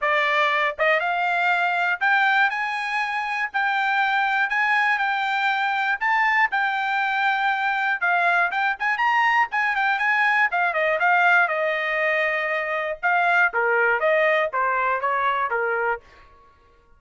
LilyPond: \new Staff \with { instrumentName = "trumpet" } { \time 4/4 \tempo 4 = 120 d''4. dis''8 f''2 | g''4 gis''2 g''4~ | g''4 gis''4 g''2 | a''4 g''2. |
f''4 g''8 gis''8 ais''4 gis''8 g''8 | gis''4 f''8 dis''8 f''4 dis''4~ | dis''2 f''4 ais'4 | dis''4 c''4 cis''4 ais'4 | }